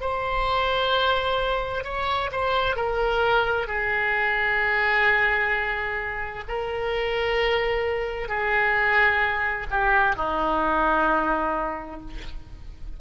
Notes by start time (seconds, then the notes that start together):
0.00 C5
1.84 C#5
2.32 C5
2.76 A#4
3.67 G#4
6.48 A#4
8.28 G#4
9.70 G4
10.15 D#4